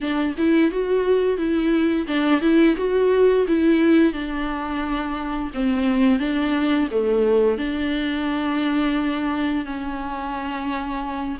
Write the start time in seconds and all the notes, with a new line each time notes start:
0.00 D4
0.37 E4
0.71 F#4
1.37 E4
2.07 D4
2.41 E4
2.76 F#4
3.47 E4
4.12 D4
5.53 C4
6.19 D4
6.91 A3
7.58 D4
9.65 C#4